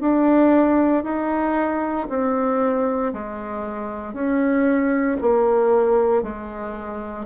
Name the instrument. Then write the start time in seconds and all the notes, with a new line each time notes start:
bassoon
0.00 D4
1.03 D#4
2.09 C4
3.13 G#3
4.13 C#4
5.21 A#3
6.22 G#3